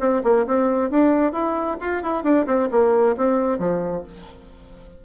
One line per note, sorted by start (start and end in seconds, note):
0.00 0.22 C4
0.24 0.46 A#3
0.47 0.91 C4
0.91 1.32 D4
1.32 1.77 E4
1.81 2.03 F4
2.03 2.24 E4
2.24 2.46 D4
2.47 2.69 C4
2.71 3.16 A#3
3.17 3.59 C4
3.59 4.04 F3